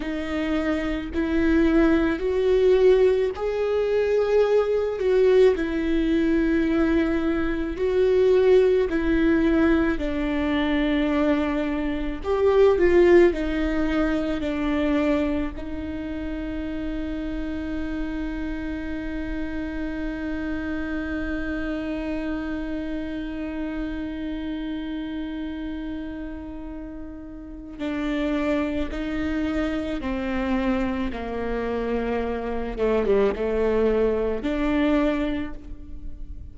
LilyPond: \new Staff \with { instrumentName = "viola" } { \time 4/4 \tempo 4 = 54 dis'4 e'4 fis'4 gis'4~ | gis'8 fis'8 e'2 fis'4 | e'4 d'2 g'8 f'8 | dis'4 d'4 dis'2~ |
dis'1~ | dis'1~ | dis'4 d'4 dis'4 c'4 | ais4. a16 g16 a4 d'4 | }